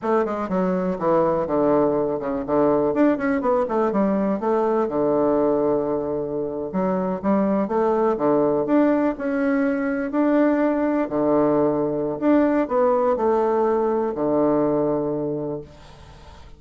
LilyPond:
\new Staff \with { instrumentName = "bassoon" } { \time 4/4 \tempo 4 = 123 a8 gis8 fis4 e4 d4~ | d8 cis8 d4 d'8 cis'8 b8 a8 | g4 a4 d2~ | d4.~ d16 fis4 g4 a16~ |
a8. d4 d'4 cis'4~ cis'16~ | cis'8. d'2 d4~ d16~ | d4 d'4 b4 a4~ | a4 d2. | }